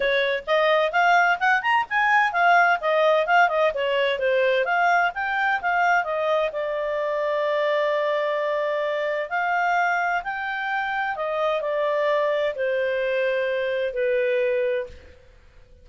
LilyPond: \new Staff \with { instrumentName = "clarinet" } { \time 4/4 \tempo 4 = 129 cis''4 dis''4 f''4 fis''8 ais''8 | gis''4 f''4 dis''4 f''8 dis''8 | cis''4 c''4 f''4 g''4 | f''4 dis''4 d''2~ |
d''1 | f''2 g''2 | dis''4 d''2 c''4~ | c''2 b'2 | }